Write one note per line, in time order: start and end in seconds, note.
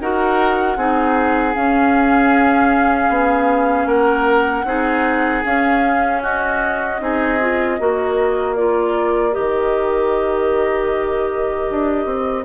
0.00 0.77 D#4
0.00 0.78 F#4
0.00 0.78 A#4
0.00 1.55 F#5
0.77 1.55 C4
0.77 1.54 D#4
0.77 3.87 G#4
1.54 4.66 C#4
1.54 3.09 C#4
1.54 3.87 F5
3.09 3.86 B3
3.86 4.64 A#3
3.86 4.65 A#4
3.86 5.43 F#5
4.65 5.43 C4
4.65 5.44 D#4
4.65 6.23 G#4
5.44 7.00 C#4
5.44 7.01 C#4
5.44 6.22 F5
6.23 7.01 F#4
6.23 8.56 D#5
7.00 7.79 C4
7.00 7.39 D#4
7.00 7.80 G#4
7.40 7.79 F4
7.79 9.36 A#3
7.79 8.57 F#4
7.79 12.45 A#4
8.56 9.32 F4
8.56 9.34 D5
9.32 12.44 G4
9.32 12.45 D#5
9.38 11.70 D#3
11.70 12.06 D4
12.06 12.45 C4